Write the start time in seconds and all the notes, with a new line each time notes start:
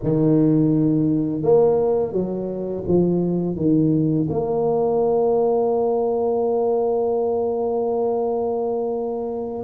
0.03 D#3
1.42 A#3
2.12 F#3
2.87 F3
3.56 D#3
4.29 A#3